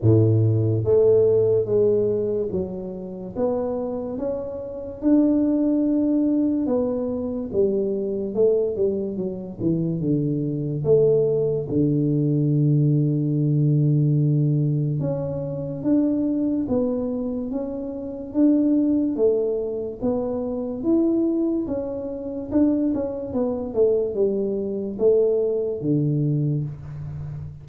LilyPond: \new Staff \with { instrumentName = "tuba" } { \time 4/4 \tempo 4 = 72 a,4 a4 gis4 fis4 | b4 cis'4 d'2 | b4 g4 a8 g8 fis8 e8 | d4 a4 d2~ |
d2 cis'4 d'4 | b4 cis'4 d'4 a4 | b4 e'4 cis'4 d'8 cis'8 | b8 a8 g4 a4 d4 | }